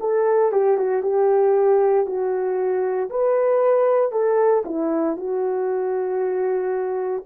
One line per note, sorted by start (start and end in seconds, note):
0.00 0.52 A4
0.52 0.77 G4
0.77 1.02 F#4
1.02 2.05 G4
2.05 3.09 F#4
3.09 4.11 B4
4.11 4.63 A4
4.65 5.16 E4
5.16 7.23 F#4